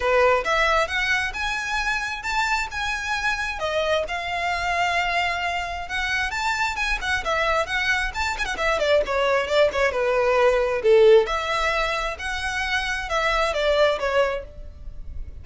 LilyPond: \new Staff \with { instrumentName = "violin" } { \time 4/4 \tempo 4 = 133 b'4 e''4 fis''4 gis''4~ | gis''4 a''4 gis''2 | dis''4 f''2.~ | f''4 fis''4 a''4 gis''8 fis''8 |
e''4 fis''4 a''8 gis''16 fis''16 e''8 d''8 | cis''4 d''8 cis''8 b'2 | a'4 e''2 fis''4~ | fis''4 e''4 d''4 cis''4 | }